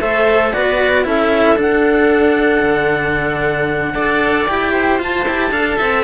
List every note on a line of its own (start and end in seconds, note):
0.00 0.53 A3
0.00 0.53 A4
0.00 0.54 C5
0.00 0.52 E5
0.52 1.05 B3
0.52 1.04 F#4
0.52 1.06 B4
0.52 1.05 D5
1.04 1.56 C#4
1.04 1.56 E4
1.04 3.94 A4
1.04 1.59 E5
1.56 2.61 D4
1.56 3.94 D4
1.56 4.46 F#5
2.63 3.94 D3
3.94 4.47 D4
3.94 4.47 A4
3.94 4.72 D5
4.46 5.00 E4
4.46 4.99 G4
4.46 4.99 G5
4.72 5.51 C5
4.99 5.25 F4
4.99 5.26 F4
4.99 6.04 A5
5.26 5.51 E4
5.26 5.51 G4
5.51 5.77 D4
5.51 6.04 A4
5.51 5.78 F5
5.78 6.04 C4
5.78 6.04 E5